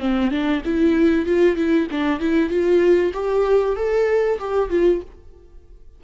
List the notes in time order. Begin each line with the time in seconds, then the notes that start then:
0.00 C4
0.31 D4
0.64 E4
1.26 F4
1.56 E4
1.91 D4
2.20 E4
2.50 F4
3.14 G4
3.76 A4
4.39 G4
4.70 F4